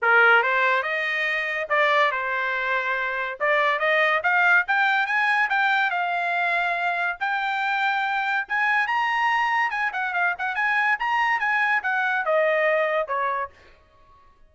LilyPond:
\new Staff \with { instrumentName = "trumpet" } { \time 4/4 \tempo 4 = 142 ais'4 c''4 dis''2 | d''4 c''2. | d''4 dis''4 f''4 g''4 | gis''4 g''4 f''2~ |
f''4 g''2. | gis''4 ais''2 gis''8 fis''8 | f''8 fis''8 gis''4 ais''4 gis''4 | fis''4 dis''2 cis''4 | }